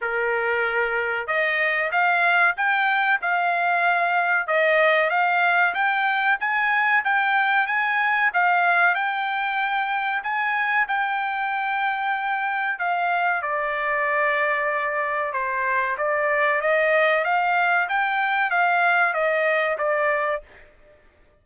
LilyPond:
\new Staff \with { instrumentName = "trumpet" } { \time 4/4 \tempo 4 = 94 ais'2 dis''4 f''4 | g''4 f''2 dis''4 | f''4 g''4 gis''4 g''4 | gis''4 f''4 g''2 |
gis''4 g''2. | f''4 d''2. | c''4 d''4 dis''4 f''4 | g''4 f''4 dis''4 d''4 | }